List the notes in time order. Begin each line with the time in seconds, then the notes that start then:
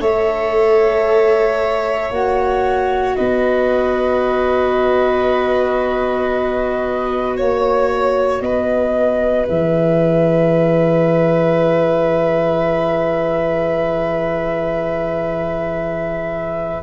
0.00 A3 A4 C#5 E5
2.11 A#3 F#4 F#5
3.16 B3 B4 D#5
7.37 A#3 C#5
8.41 B3 B4 D#5
9.45 E3 G#4 E5